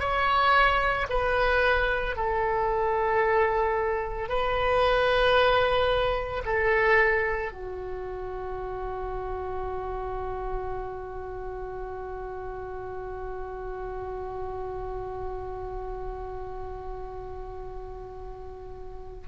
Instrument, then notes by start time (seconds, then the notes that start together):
oboe
0.00 C#5
1.10 B4
2.16 A4
4.29 B4
6.45 A4
7.52 F#4